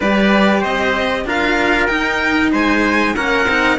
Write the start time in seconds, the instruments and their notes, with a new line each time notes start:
0.00 cello G3 G4, trumpet B4, violin D5
0.60 cello C4, trumpet C5, violin D#5
1.24 cello D4 F4, trumpet A#4, violin F5
1.86 cello D#4, violin G5
2.51 cello G#3, trumpet C5, violin G#5
3.15 cello A#3 C#4, trumpet A#4, violin F#5
3.45 cello C4 D#4